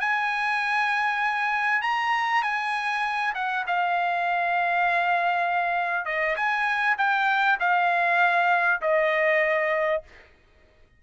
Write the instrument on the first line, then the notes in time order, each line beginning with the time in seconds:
trumpet
0.00 G#5
1.82 A#5
2.42 G#5
3.34 F#5
3.67 F5
6.05 D#5
6.36 G#5
6.98 G5
7.60 F5
8.81 D#5